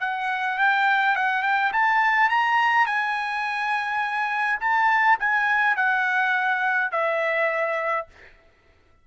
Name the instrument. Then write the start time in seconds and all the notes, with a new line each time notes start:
trumpet
0.00 F#5
0.58 G5
1.16 F#5
1.42 G5
1.72 A5
2.29 A#5
2.86 G#5
4.60 A5
5.19 G#5
5.76 F#5
6.91 E5